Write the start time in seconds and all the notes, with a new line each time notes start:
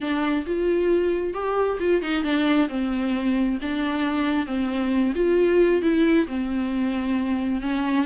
0.00 D4
0.46 F4
1.33 G4
1.79 F4
2.02 D#4
2.23 D4
2.69 C4
3.61 D4
4.46 C4
5.15 F4
5.82 E4
6.27 C4
7.61 C#4